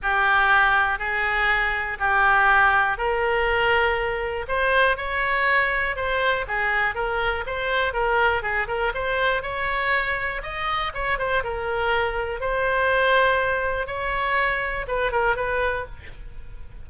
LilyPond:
\new Staff \with { instrumentName = "oboe" } { \time 4/4 \tempo 4 = 121 g'2 gis'2 | g'2 ais'2~ | ais'4 c''4 cis''2 | c''4 gis'4 ais'4 c''4 |
ais'4 gis'8 ais'8 c''4 cis''4~ | cis''4 dis''4 cis''8 c''8 ais'4~ | ais'4 c''2. | cis''2 b'8 ais'8 b'4 | }